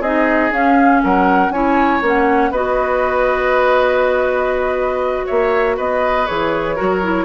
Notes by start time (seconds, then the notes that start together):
0.00 C4 D#4 G#4 D#5
0.51 C#4 F5
1.03 F#3 A#4 F#5
1.49 C#4 E4 C#5 G#5
2.01 A#3 C#4 F#5
2.50 B3 F#4 B4 D#5
5.26 A#3 C#5 E5
5.76 B3 B4 D#5
6.26 E3 G#4 C#5
6.75 F#3 F#4 A#4
7.02 E4